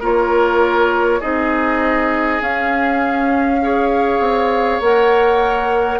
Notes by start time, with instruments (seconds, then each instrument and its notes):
0.00 bassoon A#3, clarinet F4, oboe A#4, flute C#5
1.20 bassoon C4, clarinet D#4, oboe G#4, flute D#5
2.41 bassoon C#4, clarinet C#4, flute F5
3.62 clarinet G#4, oboe C#5
4.20 bassoon C4
4.80 bassoon A#3, clarinet A#4, flute F#5